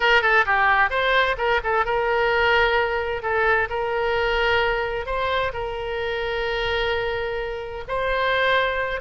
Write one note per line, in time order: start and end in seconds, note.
0.00 0.22 A#4
0.22 0.45 A4
0.45 0.89 G4
0.89 1.36 C5
1.37 1.60 A#4
1.63 1.85 A4
1.85 3.22 A#4
3.22 3.68 A4
3.69 5.06 A#4
5.06 5.52 C5
5.53 7.84 A#4
7.88 9.00 C5